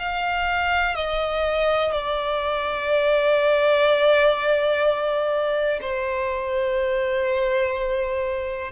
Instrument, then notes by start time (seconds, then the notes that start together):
violin
0.00 F5
0.96 D#5
1.93 D5
5.82 C5